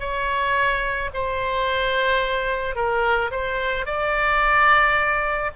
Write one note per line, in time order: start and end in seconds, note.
0.00 1.10 C#5
1.14 2.76 C5
2.76 3.31 A#4
3.31 3.86 C5
3.86 5.51 D5